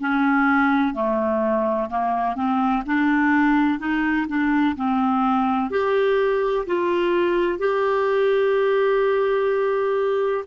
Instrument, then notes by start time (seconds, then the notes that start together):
clarinet
0.00 C#4
0.94 A3
1.90 A#3
2.36 C4
2.86 D4
3.80 D#4
4.28 D4
4.76 C4
5.71 G4
6.67 F4
7.59 G4